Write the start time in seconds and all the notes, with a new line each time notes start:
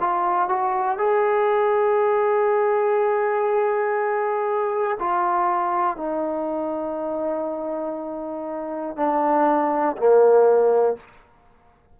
0.00 F4
0.48 F#4
0.98 G#4
4.99 F4
5.97 D#4
8.96 D4
9.97 A#3